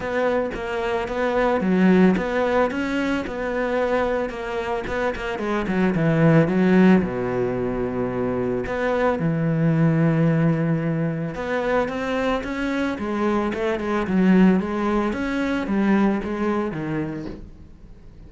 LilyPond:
\new Staff \with { instrumentName = "cello" } { \time 4/4 \tempo 4 = 111 b4 ais4 b4 fis4 | b4 cis'4 b2 | ais4 b8 ais8 gis8 fis8 e4 | fis4 b,2. |
b4 e2.~ | e4 b4 c'4 cis'4 | gis4 a8 gis8 fis4 gis4 | cis'4 g4 gis4 dis4 | }